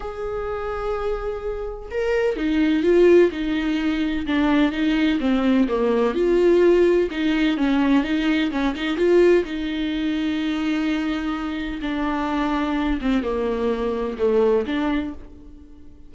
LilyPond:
\new Staff \with { instrumentName = "viola" } { \time 4/4 \tempo 4 = 127 gis'1 | ais'4 dis'4 f'4 dis'4~ | dis'4 d'4 dis'4 c'4 | ais4 f'2 dis'4 |
cis'4 dis'4 cis'8 dis'8 f'4 | dis'1~ | dis'4 d'2~ d'8 c'8 | ais2 a4 d'4 | }